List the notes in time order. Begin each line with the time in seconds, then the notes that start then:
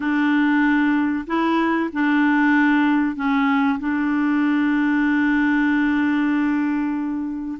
0.00 D4
1.26 E4
1.93 D4
3.16 C#4
3.79 D4